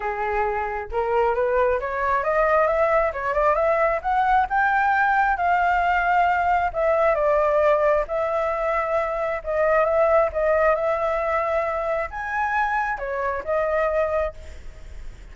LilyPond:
\new Staff \with { instrumentName = "flute" } { \time 4/4 \tempo 4 = 134 gis'2 ais'4 b'4 | cis''4 dis''4 e''4 cis''8 d''8 | e''4 fis''4 g''2 | f''2. e''4 |
d''2 e''2~ | e''4 dis''4 e''4 dis''4 | e''2. gis''4~ | gis''4 cis''4 dis''2 | }